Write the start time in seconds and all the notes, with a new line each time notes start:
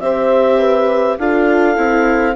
0.00 C4 G4 C5 E5
0.59 B4
1.19 D4 F4 A4 F5
1.77 C4 E4